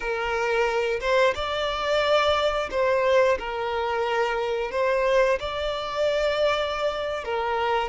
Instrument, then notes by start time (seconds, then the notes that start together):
violin
0.00 A#4
1.00 C5
1.35 D5
2.70 C5
3.39 A#4
4.71 C5
5.39 D5
7.24 A#4